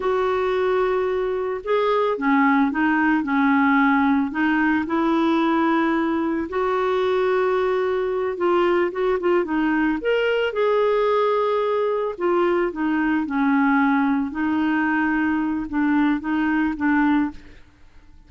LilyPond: \new Staff \with { instrumentName = "clarinet" } { \time 4/4 \tempo 4 = 111 fis'2. gis'4 | cis'4 dis'4 cis'2 | dis'4 e'2. | fis'2.~ fis'8 f'8~ |
f'8 fis'8 f'8 dis'4 ais'4 gis'8~ | gis'2~ gis'8 f'4 dis'8~ | dis'8 cis'2 dis'4.~ | dis'4 d'4 dis'4 d'4 | }